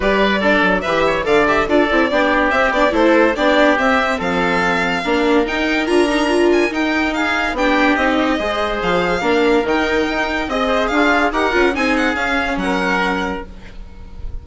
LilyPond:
<<
  \new Staff \with { instrumentName = "violin" } { \time 4/4 \tempo 4 = 143 d''2 e''4 f''8 e''8 | d''2 e''8 d''8 c''4 | d''4 e''4 f''2~ | f''4 g''4 ais''4. gis''8 |
g''4 f''4 g''4 dis''4~ | dis''4 f''2 g''4~ | g''4 dis''4 f''4 fis''4 | gis''8 fis''8 f''4 fis''2 | }
  \new Staff \with { instrumentName = "oboe" } { \time 4/4 b'4 a'4 b'8 cis''8 d''4 | a'4 g'2 a'4 | g'2 a'2 | ais'1~ |
ais'4 gis'4 g'2 | c''2 ais'2~ | ais'4 dis''8 c''8 f'4 ais'4 | gis'2 ais'2 | }
  \new Staff \with { instrumentName = "viola" } { \time 4/4 g'4 d'4 g'4 a'8 g'8 | f'8 e'8 d'4 c'8 d'8 e'4 | d'4 c'2. | d'4 dis'4 f'8 dis'8 f'4 |
dis'2 d'4 dis'4 | gis'2 d'4 dis'4~ | dis'4 gis'2 g'8 f'8 | dis'4 cis'2. | }
  \new Staff \with { instrumentName = "bassoon" } { \time 4/4 g4. fis8 e4 d4 | d'8 c'8 b4 c'8 b8 a4 | b4 c'4 f2 | ais4 dis'4 d'2 |
dis'2 b4 c'4 | gis4 f4 ais4 dis4 | dis'4 c'4 d'4 dis'8 cis'8 | c'4 cis'4 fis2 | }
>>